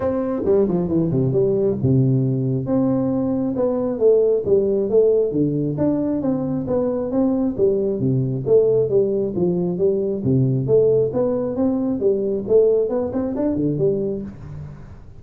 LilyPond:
\new Staff \with { instrumentName = "tuba" } { \time 4/4 \tempo 4 = 135 c'4 g8 f8 e8 c8 g4 | c2 c'2 | b4 a4 g4 a4 | d4 d'4 c'4 b4 |
c'4 g4 c4 a4 | g4 f4 g4 c4 | a4 b4 c'4 g4 | a4 b8 c'8 d'8 d8 g4 | }